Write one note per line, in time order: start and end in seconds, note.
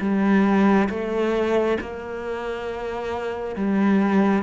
0.00 0.88 G3
0.89 1.78 A3
1.80 3.56 A#3
3.56 4.43 G3